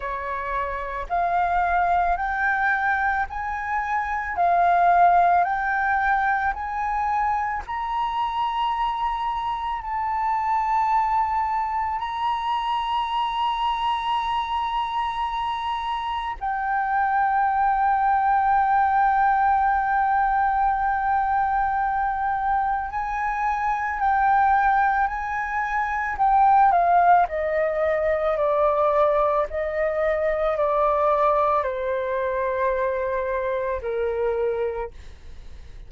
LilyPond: \new Staff \with { instrumentName = "flute" } { \time 4/4 \tempo 4 = 55 cis''4 f''4 g''4 gis''4 | f''4 g''4 gis''4 ais''4~ | ais''4 a''2 ais''4~ | ais''2. g''4~ |
g''1~ | g''4 gis''4 g''4 gis''4 | g''8 f''8 dis''4 d''4 dis''4 | d''4 c''2 ais'4 | }